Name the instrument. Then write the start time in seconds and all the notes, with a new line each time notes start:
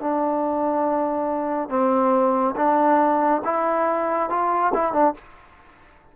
trombone
0.00 D4
1.69 C4
2.56 D4
3.44 E4
4.29 F4
4.74 E4
4.92 D4